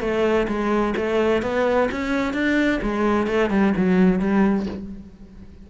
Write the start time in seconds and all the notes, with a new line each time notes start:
0.00 A3
0.47 G#3
0.96 A3
1.42 B3
1.91 C#4
2.33 D4
2.82 G#3
3.27 A3
3.50 G3
3.77 F#3
4.19 G3